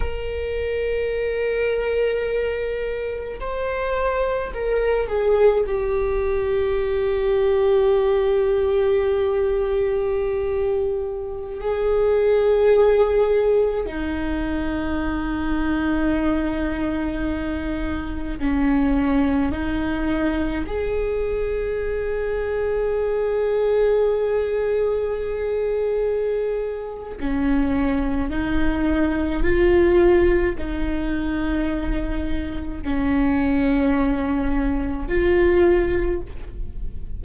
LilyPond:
\new Staff \with { instrumentName = "viola" } { \time 4/4 \tempo 4 = 53 ais'2. c''4 | ais'8 gis'8 g'2.~ | g'2~ g'16 gis'4.~ gis'16~ | gis'16 dis'2.~ dis'8.~ |
dis'16 cis'4 dis'4 gis'4.~ gis'16~ | gis'1 | cis'4 dis'4 f'4 dis'4~ | dis'4 cis'2 f'4 | }